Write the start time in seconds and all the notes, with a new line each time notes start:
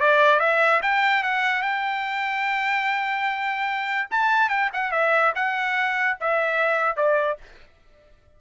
0.00 D5
0.40 E5
0.82 G5
1.23 F#5
1.62 G5
4.11 A5
4.49 G5
4.73 F#5
4.92 E5
5.35 F#5
6.20 E5
6.96 D5